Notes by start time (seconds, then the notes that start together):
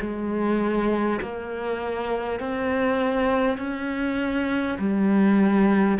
0.00 G#3
1.21 A#3
2.40 C4
3.58 C#4
4.79 G3